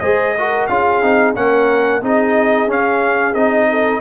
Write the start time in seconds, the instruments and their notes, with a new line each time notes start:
0.00 tuba G#3, trombone G#4, horn C5, trumpet D#5
0.37 trombone F#4, horn A#4
0.67 tuba C#4, trombone F4, horn G#4, trumpet F5
1.02 tuba C4, trombone D#4
1.35 tuba A#3, trombone C#4, horn A#4, trumpet F#5
2.02 tuba C4, trombone D#4, horn G#4, trumpet D#5
2.67 tuba C#4, trombone C#4, trumpet F5
3.34 tuba C4, trombone D#4, trumpet D#5
3.70 horn A4